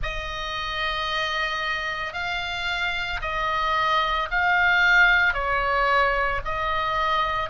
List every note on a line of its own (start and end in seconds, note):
0.02 2.13 D#5
2.13 3.20 F5
3.21 4.29 D#5
4.31 5.33 F5
5.33 6.40 C#5
6.44 7.50 D#5